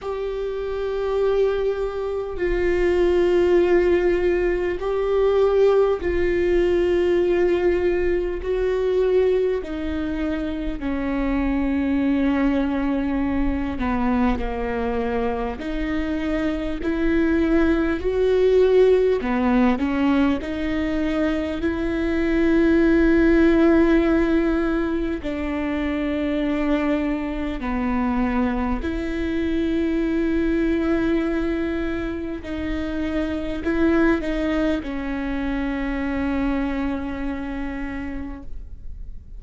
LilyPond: \new Staff \with { instrumentName = "viola" } { \time 4/4 \tempo 4 = 50 g'2 f'2 | g'4 f'2 fis'4 | dis'4 cis'2~ cis'8 b8 | ais4 dis'4 e'4 fis'4 |
b8 cis'8 dis'4 e'2~ | e'4 d'2 b4 | e'2. dis'4 | e'8 dis'8 cis'2. | }